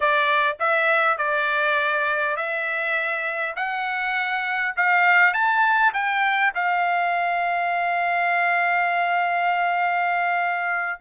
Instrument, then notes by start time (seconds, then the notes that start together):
trumpet
0.00 D5
0.59 E5
1.17 D5
2.36 E5
3.56 F#5
4.76 F5
5.33 A5
5.93 G5
6.54 F5